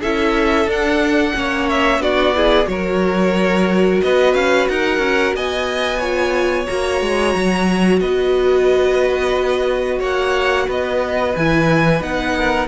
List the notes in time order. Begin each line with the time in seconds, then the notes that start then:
0.00 C#4 E4 A4 E5
0.66 D4 F#5
1.34 A#3 C#4 C#5
1.69 E5
1.99 B3 D4 F#4 D5
2.35 E4 G#4
2.65 F#3 F#4 A#4 C#5
4.02 B3 B4 D#5
4.34 C#4 F5
4.69 D#4 A#4 F#5
4.98 C#4
5.34 B3 D#5 G#5
5.99 F4 C#5
6.66 A#3 F#4 A#5
7.01 G#3
7.35 F#3
8.00 B3 B4 D#5
9.99 A#3 C#5 F#5
10.67 B3 B4 D#5
11.36 E3 E4 G#5
12.01 B3 D#4 F#5
12.38 A#4